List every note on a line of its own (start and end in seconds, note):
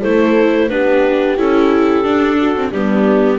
0.00 0.70 A3
0.00 0.70 E4
0.00 0.67 A4
0.00 0.69 C5
0.69 1.37 B3
0.69 1.37 D4
0.69 2.39 G4
0.69 1.36 B4
1.37 2.03 C#4
1.37 2.04 E4
1.37 2.71 A4
2.03 2.71 D4
2.03 2.54 D4
2.39 2.71 F#4
2.55 2.72 C4
2.71 3.38 G3
2.71 3.38 B3
2.71 3.38 D4
2.71 3.38 G4